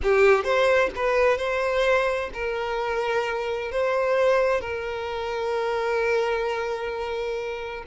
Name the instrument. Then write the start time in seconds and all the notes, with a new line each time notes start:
violin
0.03 G4
0.44 C5
0.95 B4
1.37 C5
2.33 A#4
3.71 C5
4.60 A#4